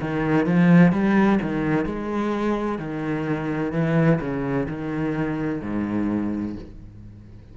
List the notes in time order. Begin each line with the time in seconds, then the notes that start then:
0.00 D#3
0.46 F3
0.92 G3
1.41 D#3
1.85 G#3
2.78 D#3
3.72 E3
4.20 C#3
4.68 D#3
5.61 G#2